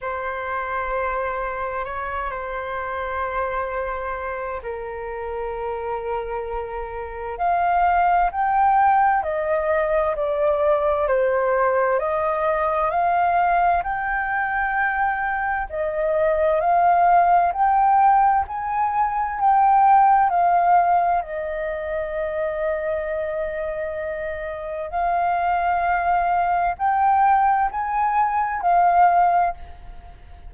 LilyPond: \new Staff \with { instrumentName = "flute" } { \time 4/4 \tempo 4 = 65 c''2 cis''8 c''4.~ | c''4 ais'2. | f''4 g''4 dis''4 d''4 | c''4 dis''4 f''4 g''4~ |
g''4 dis''4 f''4 g''4 | gis''4 g''4 f''4 dis''4~ | dis''2. f''4~ | f''4 g''4 gis''4 f''4 | }